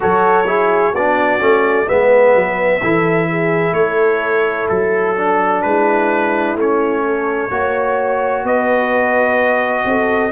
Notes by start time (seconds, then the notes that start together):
0.00 F#3 F#4 A4 C#5
0.46 E4 G#4
0.92 B3 D4 F#4 D5
1.39 A3 C#4
1.87 G#3 B3 B4 E5
2.34 F#3
2.81 E3 E4 A4
3.29 G#4
3.72 A3 A4 C#5
4.68 F#3 A4
5.16 D4
5.62 G#3 E4 B4
6.55 A3 C#4 C#5
7.04 A4
7.50 A#3 F#4 C#5
8.43 B3 B4 D#5
9.84 C4 A4